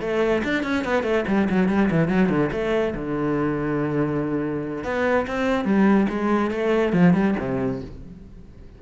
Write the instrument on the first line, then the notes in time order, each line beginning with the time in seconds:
cello
0.00 A3
0.43 D4
0.63 C#4
0.84 B3
1.03 A3
1.27 G3
1.50 F#3
1.68 G3
1.91 E3
2.08 F#3
2.29 D3
2.52 A3
2.95 D3
4.84 B3
5.27 C4
5.65 G3
6.09 G#3
6.51 A3
6.93 F3
7.13 G3
7.39 C3